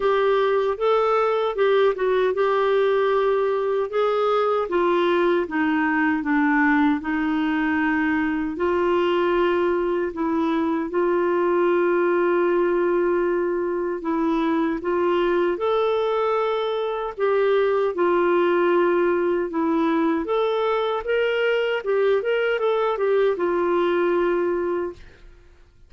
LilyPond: \new Staff \with { instrumentName = "clarinet" } { \time 4/4 \tempo 4 = 77 g'4 a'4 g'8 fis'8 g'4~ | g'4 gis'4 f'4 dis'4 | d'4 dis'2 f'4~ | f'4 e'4 f'2~ |
f'2 e'4 f'4 | a'2 g'4 f'4~ | f'4 e'4 a'4 ais'4 | g'8 ais'8 a'8 g'8 f'2 | }